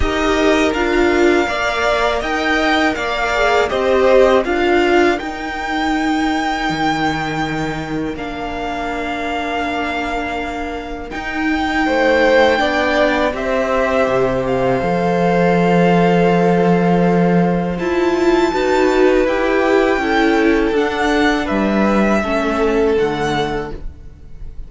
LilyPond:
<<
  \new Staff \with { instrumentName = "violin" } { \time 4/4 \tempo 4 = 81 dis''4 f''2 g''4 | f''4 dis''4 f''4 g''4~ | g''2. f''4~ | f''2. g''4~ |
g''2 e''4. f''8~ | f''1 | a''2 g''2 | fis''4 e''2 fis''4 | }
  \new Staff \with { instrumentName = "violin" } { \time 4/4 ais'2 d''4 dis''4 | d''4 c''4 ais'2~ | ais'1~ | ais'1 |
c''4 d''4 c''2~ | c''1~ | c''4 b'2 a'4~ | a'4 b'4 a'2 | }
  \new Staff \with { instrumentName = "viola" } { \time 4/4 g'4 f'4 ais'2~ | ais'8 gis'8 g'4 f'4 dis'4~ | dis'2. d'4~ | d'2. dis'4~ |
dis'4 d'4 g'2 | a'1 | f'4 fis'4 g'4 e'4 | d'2 cis'4 a4 | }
  \new Staff \with { instrumentName = "cello" } { \time 4/4 dis'4 d'4 ais4 dis'4 | ais4 c'4 d'4 dis'4~ | dis'4 dis2 ais4~ | ais2. dis'4 |
a4 b4 c'4 c4 | f1 | e'4 dis'4 e'4 cis'4 | d'4 g4 a4 d4 | }
>>